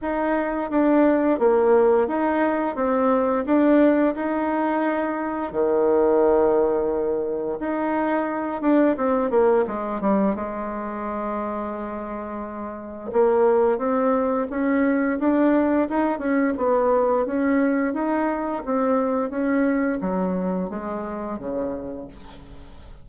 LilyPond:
\new Staff \with { instrumentName = "bassoon" } { \time 4/4 \tempo 4 = 87 dis'4 d'4 ais4 dis'4 | c'4 d'4 dis'2 | dis2. dis'4~ | dis'8 d'8 c'8 ais8 gis8 g8 gis4~ |
gis2. ais4 | c'4 cis'4 d'4 dis'8 cis'8 | b4 cis'4 dis'4 c'4 | cis'4 fis4 gis4 cis4 | }